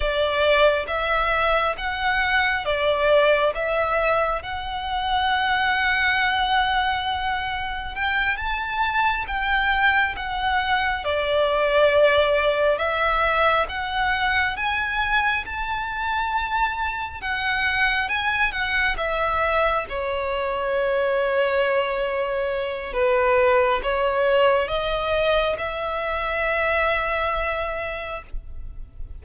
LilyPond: \new Staff \with { instrumentName = "violin" } { \time 4/4 \tempo 4 = 68 d''4 e''4 fis''4 d''4 | e''4 fis''2.~ | fis''4 g''8 a''4 g''4 fis''8~ | fis''8 d''2 e''4 fis''8~ |
fis''8 gis''4 a''2 fis''8~ | fis''8 gis''8 fis''8 e''4 cis''4.~ | cis''2 b'4 cis''4 | dis''4 e''2. | }